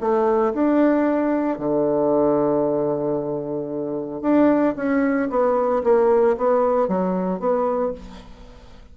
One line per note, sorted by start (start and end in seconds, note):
0.00 0.53 A3
0.53 1.58 D4
1.58 4.21 D3
4.21 4.74 D4
4.76 5.29 C#4
5.30 5.83 B3
5.83 6.36 A#3
6.37 6.88 B3
6.88 7.39 F#3
7.39 7.92 B3